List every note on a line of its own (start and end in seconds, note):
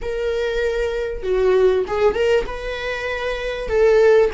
0.01 1.22 A#4
1.22 1.84 F#4
1.87 2.14 G#4
2.14 2.45 A#4
2.46 3.68 B4
3.68 4.30 A4